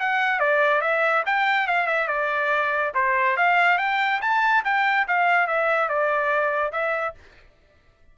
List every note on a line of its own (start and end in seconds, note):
0.00 0.40 F#5
0.40 0.81 D5
0.81 1.24 E5
1.26 1.67 G5
1.67 1.87 F5
1.87 2.08 E5
2.08 2.93 D5
2.95 3.37 C5
3.37 3.78 F5
3.78 4.20 G5
4.21 4.64 A5
4.65 5.07 G5
5.08 5.47 F5
5.47 5.89 E5
5.89 6.72 D5
6.72 7.15 E5